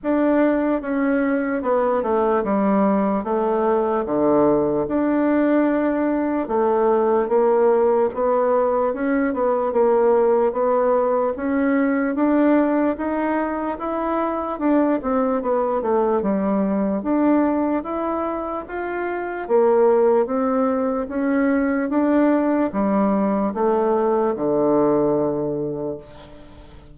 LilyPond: \new Staff \with { instrumentName = "bassoon" } { \time 4/4 \tempo 4 = 74 d'4 cis'4 b8 a8 g4 | a4 d4 d'2 | a4 ais4 b4 cis'8 b8 | ais4 b4 cis'4 d'4 |
dis'4 e'4 d'8 c'8 b8 a8 | g4 d'4 e'4 f'4 | ais4 c'4 cis'4 d'4 | g4 a4 d2 | }